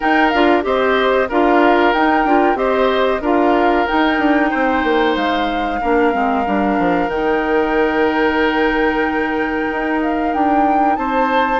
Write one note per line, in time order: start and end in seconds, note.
0.00 0.33 D#4
0.00 0.63 A#4
0.00 0.29 G5
0.29 0.65 D4
0.29 0.62 F4
0.29 0.61 F5
0.62 1.29 C4
0.62 1.27 G4
0.62 1.28 C5
0.62 1.29 D#5
1.28 1.94 D4
1.28 1.95 F4
1.28 2.58 A#4
1.28 1.93 F5
1.93 2.25 D#4
1.93 2.27 D#4
1.93 2.57 G5
2.25 2.55 D4
2.25 2.55 F4
2.55 3.19 C4
2.55 3.20 G4
2.55 3.21 C5
2.55 3.21 D#5
3.21 3.85 D4
3.21 3.87 F4
3.21 4.50 A#4
3.21 3.86 F5
3.86 5.81 D#4
3.86 4.18 D#4
3.86 5.15 G5
4.18 4.51 D4
4.50 4.83 C4
4.50 5.79 C5
4.83 5.15 A#3
5.15 5.80 G#3
5.15 7.09 F5
5.81 6.14 A#3
5.81 6.12 D4
5.81 10.97 A#4
6.12 6.46 G#3
6.12 6.44 C4
6.45 6.78 G3
6.45 7.09 D4
6.78 7.07 F3
7.07 9.65 D#3
7.07 11.60 D#4
7.07 10.00 G5
9.71 10.34 D#4
10.01 10.33 F5
10.33 10.97 D4
10.33 10.96 G5
10.96 11.60 C4
10.96 11.60 C5
10.96 11.60 A5